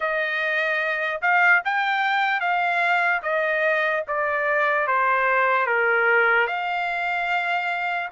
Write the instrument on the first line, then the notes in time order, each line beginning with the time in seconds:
trumpet
0.00 D#5
1.21 F5
1.64 G5
2.40 F5
3.22 D#5
4.07 D5
4.87 C5
5.66 A#4
6.47 F5